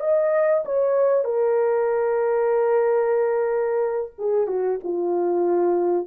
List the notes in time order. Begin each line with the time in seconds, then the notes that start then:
0.00 D#5
0.65 C#5
1.24 A#4
4.18 G#4
4.47 F#4
4.84 F4